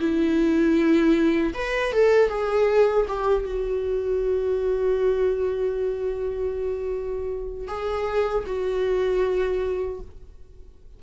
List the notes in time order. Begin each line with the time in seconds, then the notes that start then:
0.00 E4
1.54 B4
1.92 A4
2.29 G#4
3.08 G4
3.45 F#4
7.67 G#4
8.47 F#4